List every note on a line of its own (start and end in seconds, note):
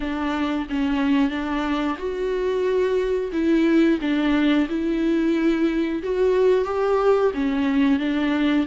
0.00 0.67 D4
0.69 1.30 C#4
1.30 1.96 D4
1.98 3.31 F#4
3.32 3.99 E4
4.01 4.67 D4
4.68 6.02 E4
6.02 6.65 F#4
6.65 7.31 G4
7.34 7.99 C#4
7.99 8.65 D4